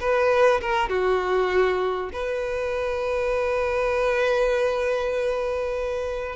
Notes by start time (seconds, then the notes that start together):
0.00 B4
0.61 A#4
0.89 F#4
2.13 B4